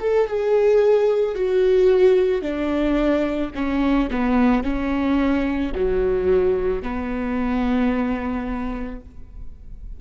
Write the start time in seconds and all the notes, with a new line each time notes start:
0.00 A4
0.27 G#4
1.35 F#4
2.41 D4
3.55 C#4
4.10 B3
4.63 C#4
5.75 F#3
6.82 B3